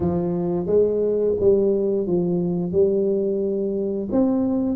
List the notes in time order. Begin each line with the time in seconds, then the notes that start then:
0.00 F3
0.66 G#3
1.39 G3
2.06 F3
2.71 G3
4.11 C4